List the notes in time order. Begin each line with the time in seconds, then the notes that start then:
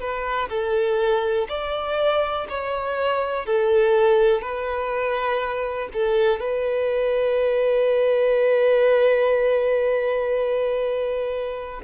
0.00 B4
0.50 A4
1.49 D5
2.49 C#5
3.46 A4
4.42 B4
5.93 A4
6.40 B4